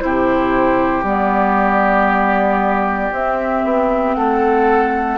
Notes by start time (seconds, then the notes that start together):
0.00 C3 E4 G4 C5
1.03 G3 B3 D5
3.12 C4 E5
3.65 B3
4.15 A3 A4 F#5